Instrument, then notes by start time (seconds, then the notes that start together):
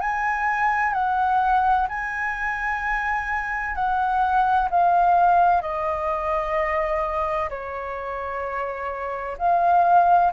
flute
0.00 G#5
0.93 F#5
1.88 G#5
3.75 F#5
4.70 F5
5.61 D#5
7.49 C#5
9.37 F5